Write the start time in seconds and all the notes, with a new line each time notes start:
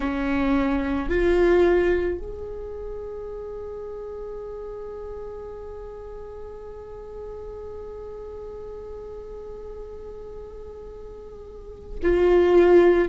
0.00 C#4
1.09 F4
2.18 G#4
12.02 F4